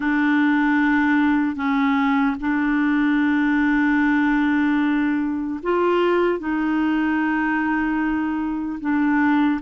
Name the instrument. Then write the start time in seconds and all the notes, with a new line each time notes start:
clarinet
0.00 D4
1.56 C#4
2.40 D4
5.62 F4
6.39 D#4
8.80 D4